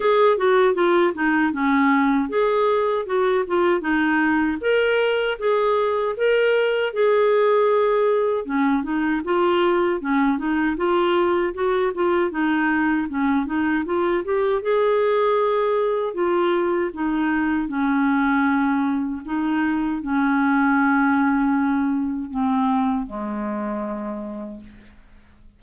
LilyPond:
\new Staff \with { instrumentName = "clarinet" } { \time 4/4 \tempo 4 = 78 gis'8 fis'8 f'8 dis'8 cis'4 gis'4 | fis'8 f'8 dis'4 ais'4 gis'4 | ais'4 gis'2 cis'8 dis'8 | f'4 cis'8 dis'8 f'4 fis'8 f'8 |
dis'4 cis'8 dis'8 f'8 g'8 gis'4~ | gis'4 f'4 dis'4 cis'4~ | cis'4 dis'4 cis'2~ | cis'4 c'4 gis2 | }